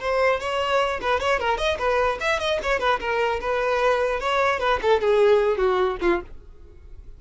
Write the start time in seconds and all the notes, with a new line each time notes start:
0.00 C5
0.40 C#5
1.01 B4
1.20 C#5
1.39 A#4
1.58 D#5
1.79 B4
2.21 E5
2.39 D#5
2.63 C#5
2.80 B4
3.00 A#4
3.41 B4
4.20 C#5
4.60 B4
4.82 A4
5.01 G#4
5.57 F#4
6.01 F4